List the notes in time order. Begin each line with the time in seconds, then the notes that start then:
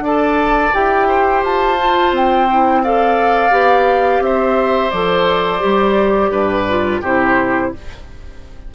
0.00 D4 A4 D5 A5
0.73 E4 G4 G5
1.08 C5
1.43 F4 A5
1.78 F4
2.11 C4 G5
2.50 E4
2.83 A4 D5 F5
3.51 B3 G4
4.20 C4 C5 E5
4.90 F3 A4 D5
5.60 G3 G4
6.31 G2 B4
6.69 F4
7.01 C3 E4 G4 C5